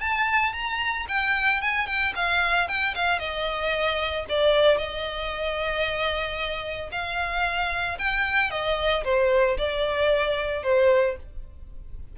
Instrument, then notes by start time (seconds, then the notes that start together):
violin
0.00 A5
0.53 A#5
1.08 G5
1.61 G#5
1.86 G5
2.15 F5
2.68 G5
2.95 F5
3.19 D#5
4.29 D5
4.77 D#5
6.92 F5
7.99 G5
8.51 D#5
9.04 C5
9.58 D5
10.63 C5